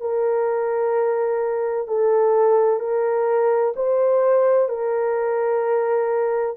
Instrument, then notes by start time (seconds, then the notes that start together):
horn
0.00 A#4
1.87 A4
2.80 A#4
3.75 C5
4.68 A#4